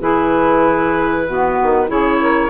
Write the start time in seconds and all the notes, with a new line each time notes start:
0.00 E3 E4 G#4 B4
1.26 B3 F#4
1.62 D#3
1.87 C#3 E4 G#4 C#5
2.21 A#4